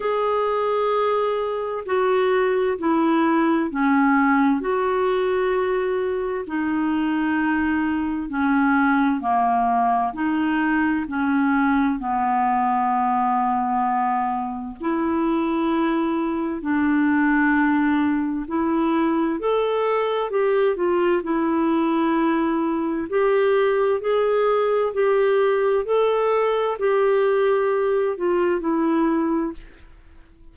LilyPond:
\new Staff \with { instrumentName = "clarinet" } { \time 4/4 \tempo 4 = 65 gis'2 fis'4 e'4 | cis'4 fis'2 dis'4~ | dis'4 cis'4 ais4 dis'4 | cis'4 b2. |
e'2 d'2 | e'4 a'4 g'8 f'8 e'4~ | e'4 g'4 gis'4 g'4 | a'4 g'4. f'8 e'4 | }